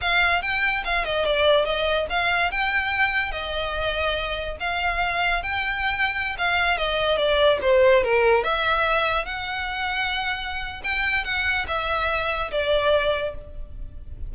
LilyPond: \new Staff \with { instrumentName = "violin" } { \time 4/4 \tempo 4 = 144 f''4 g''4 f''8 dis''8 d''4 | dis''4 f''4 g''2 | dis''2. f''4~ | f''4 g''2~ g''16 f''8.~ |
f''16 dis''4 d''4 c''4 ais'8.~ | ais'16 e''2 fis''4.~ fis''16~ | fis''2 g''4 fis''4 | e''2 d''2 | }